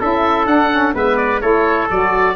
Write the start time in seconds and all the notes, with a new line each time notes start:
0.00 C#4 E4 A4 E5
0.46 D4 F#5
0.71 C#4
0.93 G#3 B3 B4 E5
1.17 D5
1.41 A3 E4 A4 C#5
1.91 F#3 F#4 D5